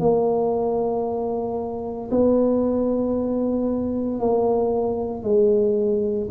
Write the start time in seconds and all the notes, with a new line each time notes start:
0.00 A#3
2.11 B3
4.21 A#3
5.23 G#3